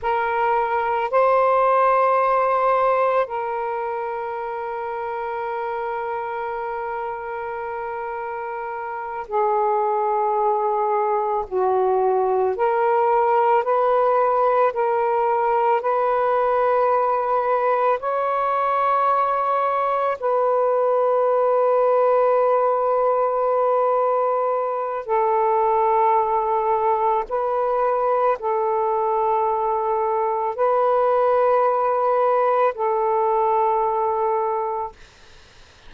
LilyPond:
\new Staff \with { instrumentName = "saxophone" } { \time 4/4 \tempo 4 = 55 ais'4 c''2 ais'4~ | ais'1~ | ais'8 gis'2 fis'4 ais'8~ | ais'8 b'4 ais'4 b'4.~ |
b'8 cis''2 b'4.~ | b'2. a'4~ | a'4 b'4 a'2 | b'2 a'2 | }